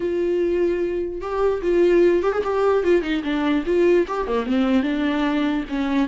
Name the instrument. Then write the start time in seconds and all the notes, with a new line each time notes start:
viola
0.00 F4
1.21 G4
1.62 F4
2.22 G4
2.32 G#4
2.43 G4
2.83 F4
3.02 D#4
3.23 D4
3.66 F4
4.07 G4
4.27 A#3
4.46 C4
4.82 D4
5.69 C#4